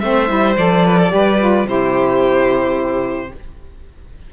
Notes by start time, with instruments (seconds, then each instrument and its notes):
0.00 cello A3, saxophone C4, violin C5 E5
0.29 cello G3, saxophone E4
0.57 cello F3, saxophone A4, violin D5
0.86 violin B4
0.99 violin A4
1.09 cello G3, saxophone G4, violin B4
1.39 saxophone F4
1.65 cello C3, saxophone E4, violin G4 C5